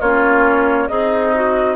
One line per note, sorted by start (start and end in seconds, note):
0.00 0.89 A#3
0.00 0.89 C#4
0.00 0.88 F4
0.00 0.88 C#5
0.88 1.76 C4
0.88 1.76 D#4
0.88 1.33 G#4
0.88 1.76 D#5
1.35 1.76 F#4